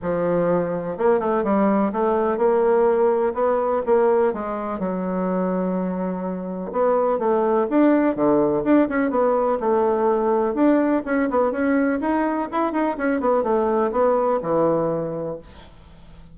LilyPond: \new Staff \with { instrumentName = "bassoon" } { \time 4/4 \tempo 4 = 125 f2 ais8 a8 g4 | a4 ais2 b4 | ais4 gis4 fis2~ | fis2 b4 a4 |
d'4 d4 d'8 cis'8 b4 | a2 d'4 cis'8 b8 | cis'4 dis'4 e'8 dis'8 cis'8 b8 | a4 b4 e2 | }